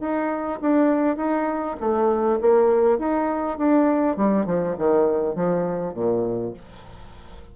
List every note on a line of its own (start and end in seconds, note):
0.00 0.59 D#4
0.61 1.17 D4
1.17 1.76 D#4
1.80 2.40 A3
2.41 2.99 A#3
2.99 3.58 D#4
3.58 4.16 D4
4.16 4.46 G3
4.46 4.76 F3
4.78 5.35 D#3
5.35 5.94 F3
5.94 6.53 A#2